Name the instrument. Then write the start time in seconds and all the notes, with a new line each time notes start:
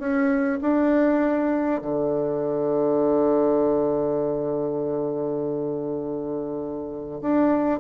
bassoon
0.00 C#4
0.62 D4
1.82 D3
7.22 D4